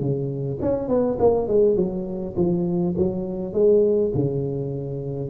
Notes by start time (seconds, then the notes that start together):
0.00 C#3
0.62 C#4
0.88 B3
1.19 A#3
1.48 G#3
1.76 F#3
2.37 F3
2.97 F#3
3.53 G#3
4.15 C#3